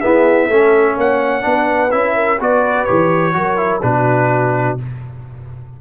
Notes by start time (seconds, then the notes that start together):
0.00 B3 E4 G#4 E5
0.46 A3 C#4 A4
0.96 A#3 C#5 F#5
1.41 B3 D4 B4
1.91 C#4 E4 E5
2.15 A#4
2.39 B3 F#4 B4 D5
2.84 E3 G4 C#5
3.33 F#3 F#4 A#4
3.57 E4
3.82 B2 D4 F#4 B4